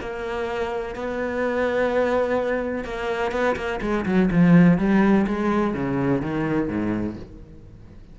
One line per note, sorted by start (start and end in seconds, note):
0.00 0.95 A#3
0.95 2.84 B3
2.84 3.31 A#3
3.31 3.55 B3
3.56 3.80 A#3
3.81 4.05 G#3
4.05 4.29 F#3
4.31 4.78 F3
4.78 5.26 G3
5.26 5.74 G#3
5.74 6.21 C#3
6.21 6.68 D#3
6.68 7.16 G#2